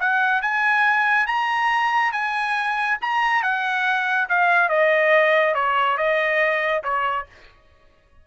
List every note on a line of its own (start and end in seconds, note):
0.00 0.42 F#5
0.42 1.27 G#5
1.27 2.12 A#5
2.12 2.98 G#5
3.02 3.43 A#5
3.43 4.29 F#5
4.29 4.69 F5
4.69 5.55 D#5
5.55 5.98 C#5
5.98 6.83 D#5
6.84 7.27 C#5